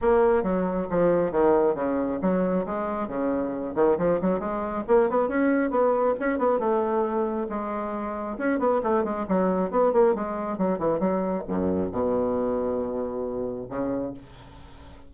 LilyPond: \new Staff \with { instrumentName = "bassoon" } { \time 4/4 \tempo 4 = 136 ais4 fis4 f4 dis4 | cis4 fis4 gis4 cis4~ | cis8 dis8 f8 fis8 gis4 ais8 b8 | cis'4 b4 cis'8 b8 a4~ |
a4 gis2 cis'8 b8 | a8 gis8 fis4 b8 ais8 gis4 | fis8 e8 fis4 fis,4 b,4~ | b,2. cis4 | }